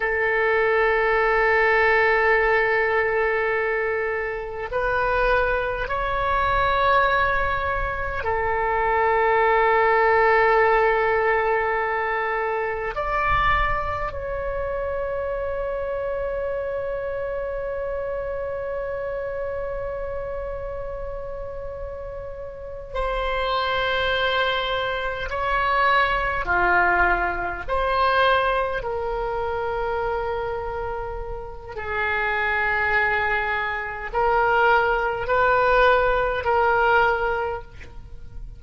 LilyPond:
\new Staff \with { instrumentName = "oboe" } { \time 4/4 \tempo 4 = 51 a'1 | b'4 cis''2 a'4~ | a'2. d''4 | cis''1~ |
cis''2.~ cis''8 c''8~ | c''4. cis''4 f'4 c''8~ | c''8 ais'2~ ais'8 gis'4~ | gis'4 ais'4 b'4 ais'4 | }